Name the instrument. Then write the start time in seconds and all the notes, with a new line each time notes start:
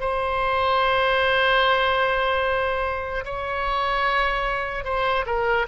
oboe
0.00 C5
3.25 C#5
4.84 C5
5.26 A#4